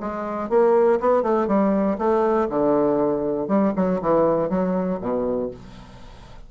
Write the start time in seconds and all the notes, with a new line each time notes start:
0.00 G#3
0.49 A#3
1.00 B3
1.23 A3
1.47 G3
1.98 A3
2.49 D3
3.48 G3
3.76 F#3
4.01 E3
4.49 F#3
5.00 B2